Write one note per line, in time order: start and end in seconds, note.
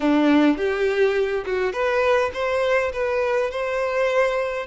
0.00 0.57 D4
0.57 1.44 G4
1.45 1.72 F#4
1.72 2.31 B4
2.33 2.92 C5
2.92 3.50 B4
3.50 4.66 C5